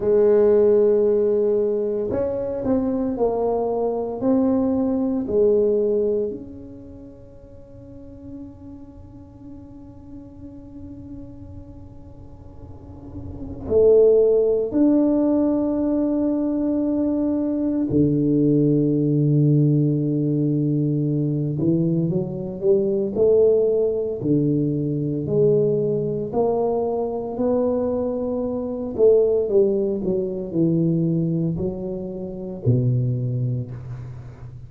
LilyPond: \new Staff \with { instrumentName = "tuba" } { \time 4/4 \tempo 4 = 57 gis2 cis'8 c'8 ais4 | c'4 gis4 cis'2~ | cis'1~ | cis'4 a4 d'2~ |
d'4 d2.~ | d8 e8 fis8 g8 a4 d4 | gis4 ais4 b4. a8 | g8 fis8 e4 fis4 b,4 | }